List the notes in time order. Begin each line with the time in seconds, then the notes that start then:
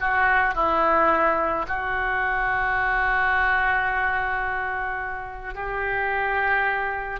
0.00 F#4
0.54 E4
1.67 F#4
5.54 G4